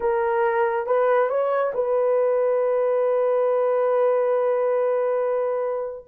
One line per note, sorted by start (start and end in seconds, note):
0.00 0.86 A#4
0.86 1.29 B4
1.29 1.72 C#5
1.74 6.05 B4